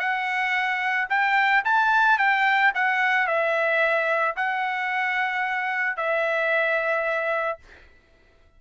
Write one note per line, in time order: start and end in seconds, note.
0.00 1.08 F#5
1.10 1.64 G5
1.65 2.18 A5
2.18 2.72 G5
2.75 3.27 F#5
3.27 4.35 E5
4.37 5.97 F#5
5.97 7.59 E5